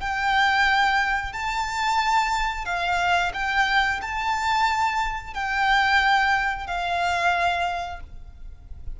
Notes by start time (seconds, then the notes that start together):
0.00 G5
1.32 A5
2.65 F5
3.33 G5
4.01 A5
5.34 G5
6.66 F5